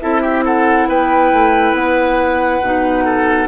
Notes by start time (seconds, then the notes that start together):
0.00 C4 E4 A4 E5
0.22 G4
0.45 A4 F#5
0.88 B3 B4 G5
1.32 A3
1.72 B3 F#5
2.61 B2 D#4
3.05 A4